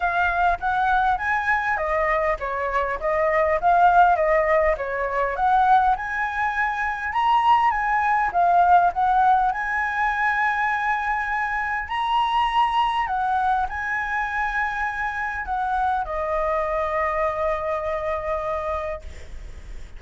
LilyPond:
\new Staff \with { instrumentName = "flute" } { \time 4/4 \tempo 4 = 101 f''4 fis''4 gis''4 dis''4 | cis''4 dis''4 f''4 dis''4 | cis''4 fis''4 gis''2 | ais''4 gis''4 f''4 fis''4 |
gis''1 | ais''2 fis''4 gis''4~ | gis''2 fis''4 dis''4~ | dis''1 | }